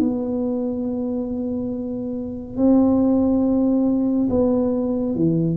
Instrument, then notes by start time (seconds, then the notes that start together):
tuba
0.00 B3
2.57 C4
4.30 B3
5.15 E3